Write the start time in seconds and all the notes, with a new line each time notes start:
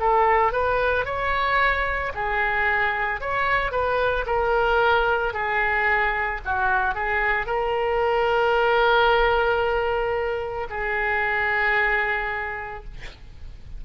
0.00 A4
0.52 B4
1.05 C#5
2.15 G#4
3.21 C#5
3.72 B4
4.27 A#4
5.34 G#4
6.45 F#4
6.95 G#4
7.46 A#4
10.70 G#4